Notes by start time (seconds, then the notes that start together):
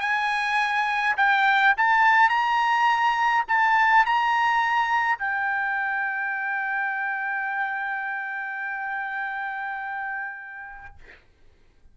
0.00 G#5
1.17 G5
1.77 A5
2.29 A#5
3.48 A5
4.05 A#5
5.18 G5